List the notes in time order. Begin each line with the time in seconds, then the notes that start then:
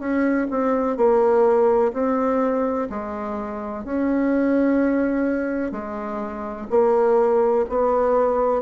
0.00 C#4
0.51 C4
0.97 A#3
1.94 C4
2.90 G#3
3.85 C#4
5.72 G#3
6.71 A#3
7.70 B3